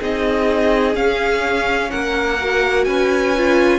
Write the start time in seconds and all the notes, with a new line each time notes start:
0.00 C4 D#4 G#4 D#5
0.94 C#4 F5
1.91 A#3 A#4 F#5
2.41 F#4
2.85 C#4 B4 G#5
3.37 F4